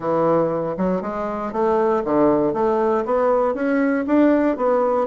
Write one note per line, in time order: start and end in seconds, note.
0.00 0.76 E3
0.77 1.01 F#3
1.01 1.52 G#3
1.52 2.03 A3
2.04 2.53 D3
2.53 3.04 A3
3.05 3.54 B3
3.54 4.05 C#4
4.06 4.56 D4
4.56 5.07 B3